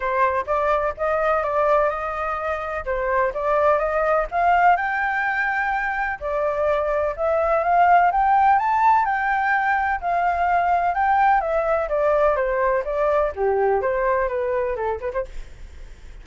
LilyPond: \new Staff \with { instrumentName = "flute" } { \time 4/4 \tempo 4 = 126 c''4 d''4 dis''4 d''4 | dis''2 c''4 d''4 | dis''4 f''4 g''2~ | g''4 d''2 e''4 |
f''4 g''4 a''4 g''4~ | g''4 f''2 g''4 | e''4 d''4 c''4 d''4 | g'4 c''4 b'4 a'8 b'16 c''16 | }